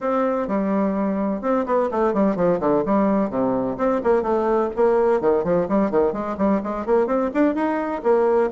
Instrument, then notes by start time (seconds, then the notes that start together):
bassoon
0.00 C4
0.47 G3
1.41 C4
1.66 B3
1.91 A3
2.13 G3
2.36 F3
2.60 D3
2.85 G3
3.30 C3
3.77 C4
4.03 A#3
4.22 A3
4.76 A#3
5.20 D#3
5.44 F3
5.68 G3
5.91 D#3
6.12 G#3
6.37 G3
6.63 G#3
6.85 A#3
7.06 C4
7.34 D4
7.54 D#4
8.03 A#3